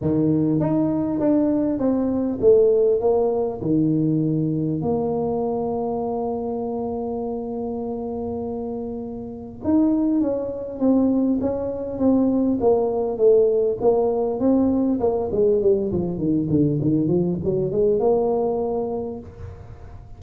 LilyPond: \new Staff \with { instrumentName = "tuba" } { \time 4/4 \tempo 4 = 100 dis4 dis'4 d'4 c'4 | a4 ais4 dis2 | ais1~ | ais1 |
dis'4 cis'4 c'4 cis'4 | c'4 ais4 a4 ais4 | c'4 ais8 gis8 g8 f8 dis8 d8 | dis8 f8 fis8 gis8 ais2 | }